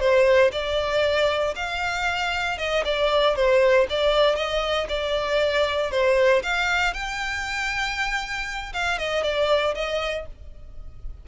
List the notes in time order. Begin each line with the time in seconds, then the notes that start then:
0.00 C5
0.52 D5
1.55 F5
2.58 D#5
2.85 D5
3.35 C5
3.89 D5
4.36 D#5
4.89 D5
5.91 C5
6.43 F5
6.93 G5
8.73 F5
8.98 D#5
9.23 D5
9.75 D#5